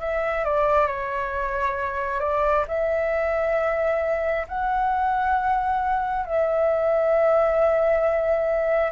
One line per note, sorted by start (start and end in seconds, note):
0.00 0.44 E5
0.44 0.87 D5
0.87 2.20 C#5
2.20 2.65 D5
2.68 4.47 E5
4.48 6.26 F#5
6.26 8.92 E5